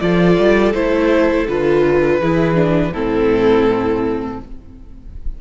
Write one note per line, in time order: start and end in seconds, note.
0.00 0.38 F3
0.00 0.74 F4
0.00 2.19 A4
0.00 0.73 D5
0.39 0.74 G3
0.74 1.47 A3
0.74 1.48 E4
0.74 1.47 C5
1.48 2.21 D3
1.48 2.22 F4
1.48 2.94 B4
2.19 2.93 E3
2.19 2.55 E4
2.19 2.92 G#4
2.55 2.92 D4
2.92 4.39 A2
2.92 4.42 C4
2.92 4.39 E4
2.92 4.40 A4